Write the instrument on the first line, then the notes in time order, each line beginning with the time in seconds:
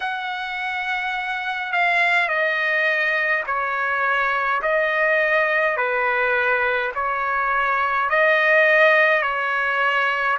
trumpet
0.00 F#5
1.72 F5
2.28 D#5
3.46 C#5
4.62 D#5
5.76 B4
6.94 C#5
8.09 D#5
9.22 C#5